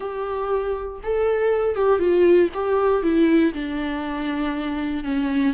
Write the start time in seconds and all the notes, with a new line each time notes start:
0.00 G4
1.03 A4
1.75 G4
1.99 F4
2.53 G4
3.03 E4
3.53 D4
5.04 C#4